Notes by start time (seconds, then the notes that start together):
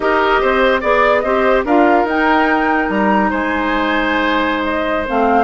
0.00 D#4 G4 A#4 D#5
0.40 C4 C5
0.80 B3 G#4 D5
1.20 C4 G4 C5 D#5
1.64 D4 F4 A#4 F5
2.04 D#4 G5
2.89 G3 A#5
3.29 G#3 C5 G#5
4.63 D#5
5.07 A3 C4 F5